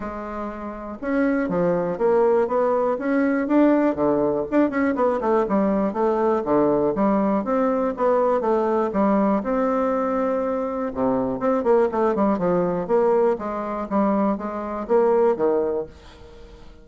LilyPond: \new Staff \with { instrumentName = "bassoon" } { \time 4/4 \tempo 4 = 121 gis2 cis'4 f4 | ais4 b4 cis'4 d'4 | d4 d'8 cis'8 b8 a8 g4 | a4 d4 g4 c'4 |
b4 a4 g4 c'4~ | c'2 c4 c'8 ais8 | a8 g8 f4 ais4 gis4 | g4 gis4 ais4 dis4 | }